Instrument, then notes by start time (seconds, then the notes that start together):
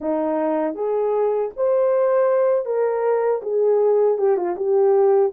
horn
0.00 D#4
0.74 G#4
1.56 C5
2.65 A#4
3.42 G#4
4.18 G4
4.36 F4
4.56 G4